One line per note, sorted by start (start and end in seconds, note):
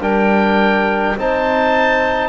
0.00 1.15 G3
0.00 1.17 D4
0.00 1.17 A#4
0.00 1.18 G5
1.17 2.29 C4
1.17 2.29 D#4
1.17 2.29 C5
1.17 2.29 A5